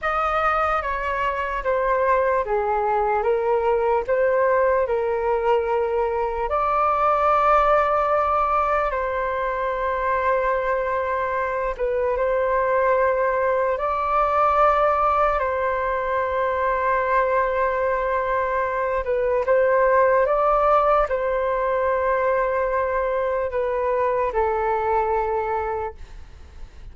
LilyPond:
\new Staff \with { instrumentName = "flute" } { \time 4/4 \tempo 4 = 74 dis''4 cis''4 c''4 gis'4 | ais'4 c''4 ais'2 | d''2. c''4~ | c''2~ c''8 b'8 c''4~ |
c''4 d''2 c''4~ | c''2.~ c''8 b'8 | c''4 d''4 c''2~ | c''4 b'4 a'2 | }